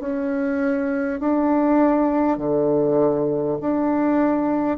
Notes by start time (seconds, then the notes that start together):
0.00 C#4
1.20 D4
2.38 D3
3.61 D4